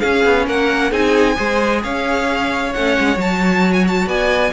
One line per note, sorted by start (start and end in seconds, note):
0.00 0.91 C#4
0.00 0.25 C#4
0.00 0.46 G#4
0.00 0.45 F5
0.25 0.47 B3
0.47 0.91 A#3
0.47 0.91 A#4
0.47 0.92 F#5
0.91 1.36 C4
0.91 1.35 D#4
0.91 1.36 G#4
0.91 1.83 G#5
1.35 1.84 G#3
1.35 2.70 G#4
1.35 1.81 C5
1.83 2.74 C#4
1.83 4.08 C#5
1.83 2.73 F5
2.73 2.98 A3
2.73 3.15 C#4
2.73 3.18 F#5
2.99 3.16 G#3
3.15 4.06 F#3
3.15 4.51 F#4
3.15 3.73 A5
3.73 3.84 G#5
3.88 4.08 A5
4.06 4.52 B3
4.06 4.53 D5
4.06 4.53 G#5